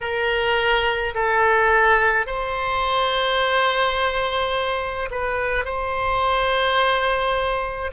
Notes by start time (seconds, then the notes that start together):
0.00 A#4
1.14 A4
2.26 C5
5.10 B4
5.64 C5